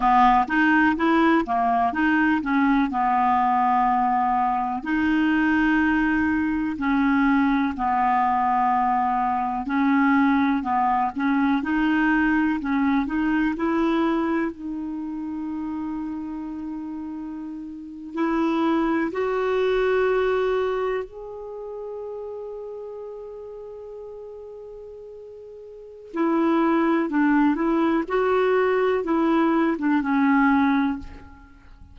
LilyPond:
\new Staff \with { instrumentName = "clarinet" } { \time 4/4 \tempo 4 = 62 b8 dis'8 e'8 ais8 dis'8 cis'8 b4~ | b4 dis'2 cis'4 | b2 cis'4 b8 cis'8 | dis'4 cis'8 dis'8 e'4 dis'4~ |
dis'2~ dis'8. e'4 fis'16~ | fis'4.~ fis'16 gis'2~ gis'16~ | gis'2. e'4 | d'8 e'8 fis'4 e'8. d'16 cis'4 | }